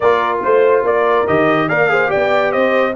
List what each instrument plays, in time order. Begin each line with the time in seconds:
0.00 tuba A#3, trombone F4, horn A#4, trumpet D5
0.42 tuba A3, trumpet C5, horn C5
0.83 tuba A#3, horn A#4, trumpet D5
1.27 tuba D#3, trombone G4, trumpet D#5
1.68 tuba A#3, trombone A#4, horn D5, trumpet F5
1.89 trombone G#4, horn C5
2.07 trombone G4, horn D5, trumpet G5
2.14 tuba B3
2.51 tuba C4, horn C5, trumpet D#5